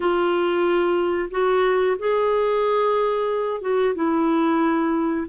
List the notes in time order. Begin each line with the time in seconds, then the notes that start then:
0.00 F4
1.30 F#4
1.98 G#4
3.61 F#4
3.94 E4